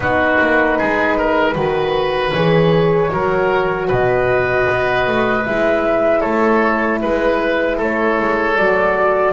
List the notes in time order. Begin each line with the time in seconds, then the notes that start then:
0.00 B3 D#4 F#4 B4
0.40 A#3
0.78 G#3 G#4
1.17 A#4
1.54 D#3 F#4 B4
2.32 E3 G#4 C#5
3.09 F#3 F#4 A#4
3.87 B2 B4 D#5
4.69 B3
5.07 A3
5.45 G#3 E4 E5
6.20 A3 A4 C#5
7.00 G#3 B4
7.77 A3 A4 C#5
8.19 G#3
8.56 F#3 F#4 D5